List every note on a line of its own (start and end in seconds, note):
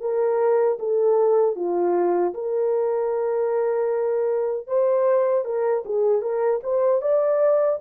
0.00 0.78 A#4
0.79 1.55 A4
1.55 2.33 F4
2.33 4.67 A#4
4.67 5.44 C5
5.44 5.83 A#4
5.85 6.21 G#4
6.21 6.60 A#4
6.63 7.01 C5
7.01 7.79 D5